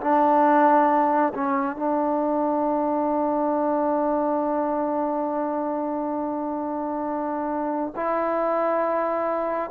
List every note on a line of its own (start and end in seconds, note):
0.00 1.32 D4
1.34 1.76 C#4
1.76 7.93 D4
7.95 9.70 E4